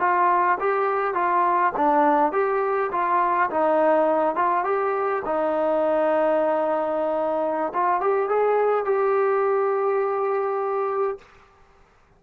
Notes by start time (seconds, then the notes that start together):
0.00 F4
0.60 G4
1.14 F4
1.77 D4
2.32 G4
2.92 F4
3.50 D#4
4.36 F4
4.64 G4
5.25 D#4
7.74 F4
8.01 G4
8.29 G#4
8.85 G4